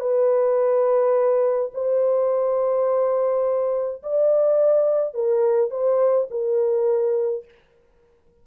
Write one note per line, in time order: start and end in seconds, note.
0.00 1.71 B4
1.74 4.02 C5
4.03 5.14 D5
5.14 5.70 A#4
5.70 6.28 C5
6.30 7.44 A#4